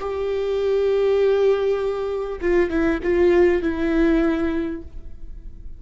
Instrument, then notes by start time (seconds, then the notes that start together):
viola
0.00 G4
2.41 F4
2.70 E4
3.03 F4
3.62 E4